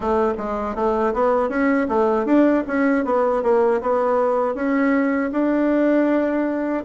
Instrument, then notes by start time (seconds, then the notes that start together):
bassoon
0.00 A3
0.37 G#3
0.75 A3
1.13 B3
1.49 C#4
1.88 A3
2.25 D4
2.67 C#4
3.04 B3
3.42 A#3
3.81 B3
4.54 C#4
5.32 D4